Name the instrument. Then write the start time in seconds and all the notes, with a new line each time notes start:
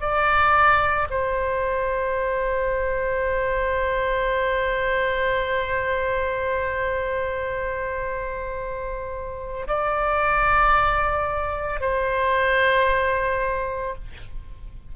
oboe
0.00 D5
1.10 C5
9.68 D5
11.81 C5